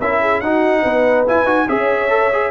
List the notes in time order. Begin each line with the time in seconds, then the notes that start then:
0.00 C#4 E4 A#4 E5
0.21 G#4
0.40 D#4 F#4 F#5
0.81 B3 B4
1.27 E4 G#5
1.45 D#4 F#4
1.68 C#4 G#4 C#5 E5
2.09 A4
2.32 G#4